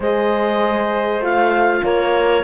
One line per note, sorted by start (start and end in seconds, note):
0.00 1.19 G#3
0.00 1.21 G#4
0.00 1.83 C5
0.00 1.23 D#5
1.19 1.80 A3
1.19 2.43 F4
1.19 1.84 F5
1.83 2.43 A#3
1.83 2.43 A#4
1.83 2.43 C#5